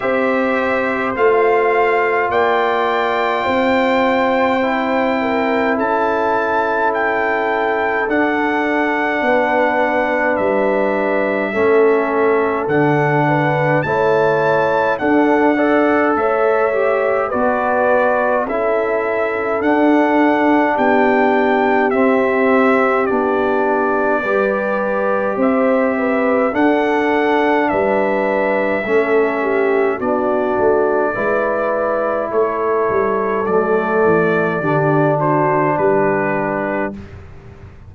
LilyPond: <<
  \new Staff \with { instrumentName = "trumpet" } { \time 4/4 \tempo 4 = 52 e''4 f''4 g''2~ | g''4 a''4 g''4 fis''4~ | fis''4 e''2 fis''4 | a''4 fis''4 e''4 d''4 |
e''4 fis''4 g''4 e''4 | d''2 e''4 fis''4 | e''2 d''2 | cis''4 d''4. c''8 b'4 | }
  \new Staff \with { instrumentName = "horn" } { \time 4/4 c''2 d''4 c''4~ | c''8 ais'8 a'2. | b'2 a'4. b'8 | cis''4 a'8 d''8 cis''4 b'4 |
a'2 g'2~ | g'4 b'4 c''8 b'8 a'4 | b'4 a'8 g'8 fis'4 b'4 | a'2 g'8 fis'8 g'4 | }
  \new Staff \with { instrumentName = "trombone" } { \time 4/4 g'4 f'2. | e'2. d'4~ | d'2 cis'4 d'4 | e'4 d'8 a'4 g'8 fis'4 |
e'4 d'2 c'4 | d'4 g'2 d'4~ | d'4 cis'4 d'4 e'4~ | e'4 a4 d'2 | }
  \new Staff \with { instrumentName = "tuba" } { \time 4/4 c'4 a4 ais4 c'4~ | c'4 cis'2 d'4 | b4 g4 a4 d4 | a4 d'4 a4 b4 |
cis'4 d'4 b4 c'4 | b4 g4 c'4 d'4 | g4 a4 b8 a8 gis4 | a8 g8 fis8 e8 d4 g4 | }
>>